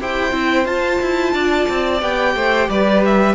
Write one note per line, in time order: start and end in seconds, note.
0.00 0.32 E4
0.00 0.32 G4
0.00 1.34 C5
0.00 0.66 G5
0.32 0.66 C4
0.32 0.65 E4
0.65 2.00 F4
0.65 1.00 F4
0.65 2.01 A5
1.01 1.33 E4
1.33 1.67 D4
1.33 2.35 D5
1.69 2.02 C4
2.01 2.35 B3
2.01 3.36 G4
2.01 2.70 G5
2.35 2.69 A3
2.35 2.70 C5
2.69 3.36 G3
2.69 3.36 B4
2.69 3.04 D5
3.05 3.36 E5